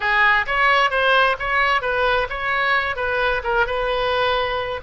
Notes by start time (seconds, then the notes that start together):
0.00 G#4
0.46 C#5
0.90 C5
1.39 C#5
1.81 B4
2.29 C#5
2.96 B4
3.43 A#4
3.66 B4